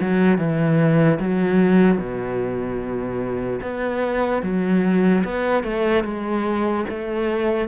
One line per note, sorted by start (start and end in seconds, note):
0.00 0.38 F#3
0.38 1.19 E3
1.19 1.97 F#3
1.97 3.59 B2
3.62 4.42 B3
4.42 5.23 F#3
5.24 5.63 B3
5.63 6.04 A3
6.04 6.85 G#3
6.89 7.68 A3